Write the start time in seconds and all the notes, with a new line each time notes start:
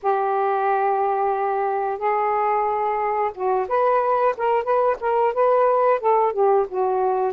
0.02 G4
1.98 G#4
3.34 F#4
3.68 B4
4.37 A#4
4.63 B4
5.00 A#4
5.33 B4
6.00 A4
6.32 G4
6.68 F#4